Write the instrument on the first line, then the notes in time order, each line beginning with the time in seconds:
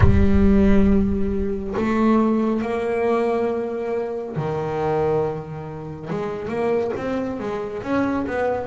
double bass
0.00 G3
1.76 A3
2.61 A#3
4.36 D#3
6.09 G#3
6.48 A#3
6.96 C4
7.39 G#3
7.83 C#4
8.26 B3